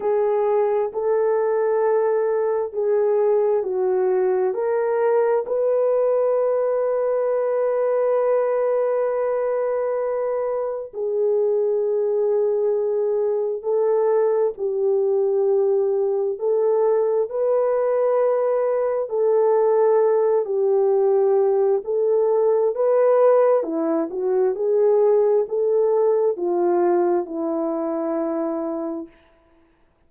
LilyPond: \new Staff \with { instrumentName = "horn" } { \time 4/4 \tempo 4 = 66 gis'4 a'2 gis'4 | fis'4 ais'4 b'2~ | b'1 | gis'2. a'4 |
g'2 a'4 b'4~ | b'4 a'4. g'4. | a'4 b'4 e'8 fis'8 gis'4 | a'4 f'4 e'2 | }